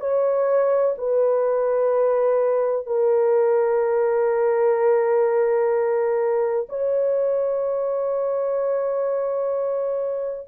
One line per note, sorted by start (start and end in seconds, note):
0.00 0.95 C#5
0.97 2.86 B4
2.86 6.67 A#4
6.69 10.48 C#5